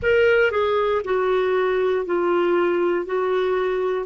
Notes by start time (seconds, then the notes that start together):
0.02 A#4
0.51 G#4
1.04 F#4
2.05 F4
3.05 F#4